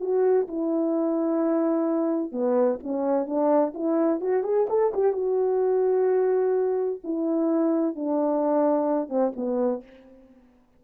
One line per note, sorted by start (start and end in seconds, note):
0.00 0.47 F#4
0.48 2.32 E4
2.32 2.78 B3
2.83 3.26 C#4
3.26 3.73 D4
3.74 4.20 E4
4.20 4.43 F#4
4.43 4.67 G#4
4.69 4.92 A4
4.93 5.12 G4
5.12 7.00 F#4
7.03 7.95 E4
7.95 9.09 D4
9.09 9.32 C4
9.36 9.83 B3